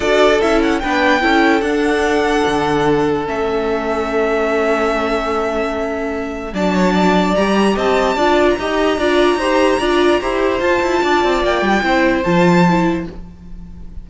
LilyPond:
<<
  \new Staff \with { instrumentName = "violin" } { \time 4/4 \tempo 4 = 147 d''4 e''8 fis''8 g''2 | fis''1 | e''1~ | e''1 |
a''2 ais''4 a''4~ | a''8. ais''2.~ ais''16~ | ais''2 a''2 | g''2 a''2 | }
  \new Staff \with { instrumentName = "violin" } { \time 4/4 a'2 b'4 a'4~ | a'1~ | a'1~ | a'1 |
d''8 cis''8 d''2 dis''4 | d''4 dis''4 d''4 c''4 | d''4 c''2 d''4~ | d''4 c''2. | }
  \new Staff \with { instrumentName = "viola" } { \time 4/4 fis'4 e'4 d'4 e'4 | d'1 | cis'1~ | cis'1 |
d'2 g'2 | f'4 g'4 f'4 g'4 | f'4 g'4 f'2~ | f'4 e'4 f'4 e'4 | }
  \new Staff \with { instrumentName = "cello" } { \time 4/4 d'4 cis'4 b4 cis'4 | d'2 d2 | a1~ | a1 |
fis2 g4 c'4 | d'4 dis'4 d'4 dis'4 | d'4 e'4 f'8 e'8 d'8 c'8 | ais8 g8 c'4 f2 | }
>>